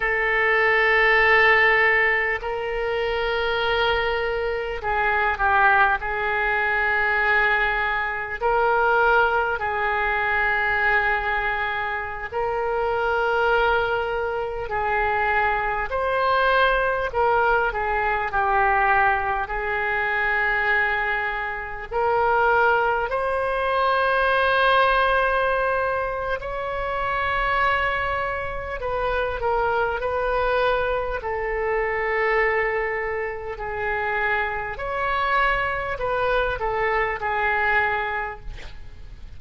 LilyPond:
\new Staff \with { instrumentName = "oboe" } { \time 4/4 \tempo 4 = 50 a'2 ais'2 | gis'8 g'8 gis'2 ais'4 | gis'2~ gis'16 ais'4.~ ais'16~ | ais'16 gis'4 c''4 ais'8 gis'8 g'8.~ |
g'16 gis'2 ais'4 c''8.~ | c''2 cis''2 | b'8 ais'8 b'4 a'2 | gis'4 cis''4 b'8 a'8 gis'4 | }